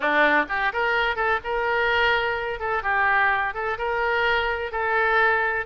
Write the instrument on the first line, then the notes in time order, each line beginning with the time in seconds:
oboe
0.00 D4
0.48 G4
0.72 A#4
1.16 A4
1.43 A#4
2.59 A4
2.83 G4
3.54 A4
3.78 A#4
4.71 A4